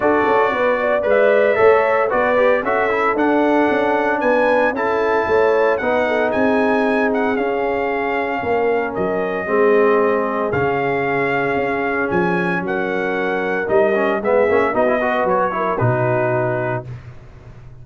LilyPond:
<<
  \new Staff \with { instrumentName = "trumpet" } { \time 4/4 \tempo 4 = 114 d''2 e''2 | d''4 e''4 fis''2 | gis''4 a''2 fis''4 | gis''4. fis''8 f''2~ |
f''4 dis''2. | f''2. gis''4 | fis''2 dis''4 e''4 | dis''4 cis''4 b'2 | }
  \new Staff \with { instrumentName = "horn" } { \time 4/4 a'4 b'8 d''4. cis''4 | b'4 a'2. | b'4 a'4 cis''4 b'8 a'8 | gis'1 |
ais'2 gis'2~ | gis'1 | ais'2. gis'4 | fis'8 b'4 ais'8 fis'2 | }
  \new Staff \with { instrumentName = "trombone" } { \time 4/4 fis'2 b'4 a'4 | fis'8 g'8 fis'8 e'8 d'2~ | d'4 e'2 dis'4~ | dis'2 cis'2~ |
cis'2 c'2 | cis'1~ | cis'2 dis'8 cis'8 b8 cis'8 | dis'16 e'16 fis'4 e'8 dis'2 | }
  \new Staff \with { instrumentName = "tuba" } { \time 4/4 d'8 cis'8 b4 gis4 a4 | b4 cis'4 d'4 cis'4 | b4 cis'4 a4 b4 | c'2 cis'2 |
ais4 fis4 gis2 | cis2 cis'4 f4 | fis2 g4 gis8 ais8 | b4 fis4 b,2 | }
>>